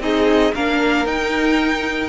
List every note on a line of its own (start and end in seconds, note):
0.00 0.52 C4
0.00 0.54 D#4
0.00 0.55 G#4
0.00 0.54 D#5
0.54 1.06 A#3
0.54 1.07 D4
0.54 2.09 A#4
0.54 1.06 F5
1.06 2.09 D#4
1.06 2.09 G5